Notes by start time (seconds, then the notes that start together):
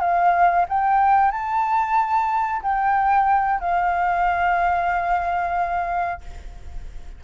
0.00 F5
0.68 G5
1.31 A5
2.62 G5
3.60 F5